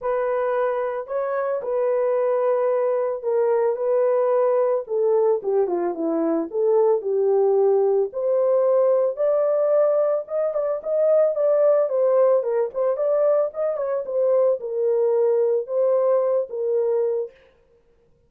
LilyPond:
\new Staff \with { instrumentName = "horn" } { \time 4/4 \tempo 4 = 111 b'2 cis''4 b'4~ | b'2 ais'4 b'4~ | b'4 a'4 g'8 f'8 e'4 | a'4 g'2 c''4~ |
c''4 d''2 dis''8 d''8 | dis''4 d''4 c''4 ais'8 c''8 | d''4 dis''8 cis''8 c''4 ais'4~ | ais'4 c''4. ais'4. | }